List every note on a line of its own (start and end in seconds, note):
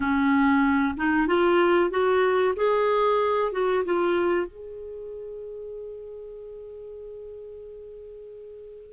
0.00 0.94 C#4
0.97 1.27 D#4
1.27 1.90 F4
1.90 2.54 F#4
2.56 3.51 G#4
3.52 3.84 F#4
3.85 4.47 F4
4.47 8.93 G#4